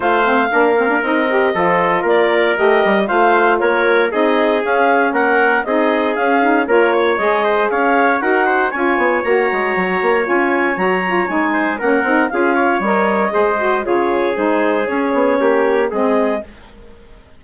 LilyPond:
<<
  \new Staff \with { instrumentName = "clarinet" } { \time 4/4 \tempo 4 = 117 f''2 dis''2 | d''4 dis''4 f''4 cis''4 | dis''4 f''4 fis''4 dis''4 | f''4 cis''4 dis''4 f''4 |
fis''4 gis''4 ais''2 | gis''4 ais''4 gis''4 fis''4 | f''4 dis''2 cis''4 | c''4 cis''2 dis''4 | }
  \new Staff \with { instrumentName = "trumpet" } { \time 4/4 c''4 ais'2 a'4 | ais'2 c''4 ais'4 | gis'2 ais'4 gis'4~ | gis'4 ais'8 cis''4 c''8 cis''4 |
ais'8 c''8 cis''2.~ | cis''2~ cis''8 c''8 ais'4 | gis'8 cis''4. c''4 gis'4~ | gis'2 g'4 gis'4 | }
  \new Staff \with { instrumentName = "saxophone" } { \time 4/4 f'8 c'8 d'8 c'16 d'16 dis'8 g'8 f'4~ | f'4 g'4 f'2 | dis'4 cis'2 dis'4 | cis'8 dis'8 f'4 gis'2 |
fis'4 f'4 fis'2 | f'4 fis'8 f'8 dis'4 cis'8 dis'8 | f'4 ais'4 gis'8 fis'8 f'4 | dis'4 cis'2 c'4 | }
  \new Staff \with { instrumentName = "bassoon" } { \time 4/4 a4 ais4 c'4 f4 | ais4 a8 g8 a4 ais4 | c'4 cis'4 ais4 c'4 | cis'4 ais4 gis4 cis'4 |
dis'4 cis'8 b8 ais8 gis8 fis8 ais8 | cis'4 fis4 gis4 ais8 c'8 | cis'4 g4 gis4 cis4 | gis4 cis'8 b8 ais4 gis4 | }
>>